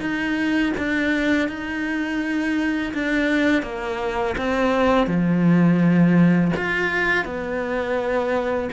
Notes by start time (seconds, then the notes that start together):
0.00 D#4
0.77 D4
1.49 D#4
2.94 D4
3.63 A#3
4.38 C4
5.07 F3
6.57 F4
7.25 B3